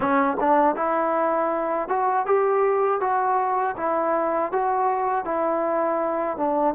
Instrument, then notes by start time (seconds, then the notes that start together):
trombone
0.00 C#4
0.40 D4
0.75 E4
1.88 F#4
2.26 G4
3.00 F#4
3.77 E4
4.51 F#4
5.25 E4
6.37 D4